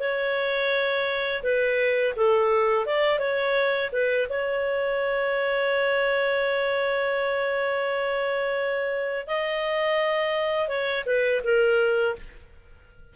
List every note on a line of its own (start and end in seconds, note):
0.00 1.43 C#5
1.44 2.15 B4
2.17 2.86 A4
2.86 3.19 D5
3.19 3.91 C#5
3.93 4.28 B4
4.30 9.28 C#5
9.28 10.69 D#5
10.69 11.05 C#5
11.06 11.42 B4
11.44 12.16 A#4